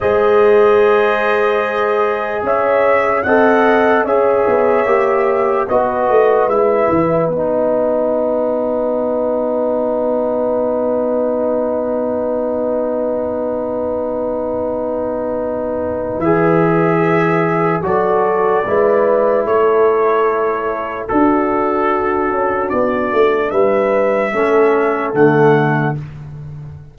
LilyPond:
<<
  \new Staff \with { instrumentName = "trumpet" } { \time 4/4 \tempo 4 = 74 dis''2. e''4 | fis''4 e''2 dis''4 | e''4 fis''2.~ | fis''1~ |
fis''1 | e''2 d''2 | cis''2 a'2 | d''4 e''2 fis''4 | }
  \new Staff \with { instrumentName = "horn" } { \time 4/4 c''2. cis''4 | dis''4 cis''2 b'4~ | b'1~ | b'1~ |
b'1~ | b'2 a'4 b'4 | a'2 fis'2~ | fis'4 b'4 a'2 | }
  \new Staff \with { instrumentName = "trombone" } { \time 4/4 gis'1 | a'4 gis'4 g'4 fis'4 | e'4 dis'2.~ | dis'1~ |
dis'1 | gis'2 fis'4 e'4~ | e'2 d'2~ | d'2 cis'4 a4 | }
  \new Staff \with { instrumentName = "tuba" } { \time 4/4 gis2. cis'4 | c'4 cis'8 b8 ais4 b8 a8 | gis8 e8 b2.~ | b1~ |
b1 | e2 fis4 gis4 | a2 d'4. cis'8 | b8 a8 g4 a4 d4 | }
>>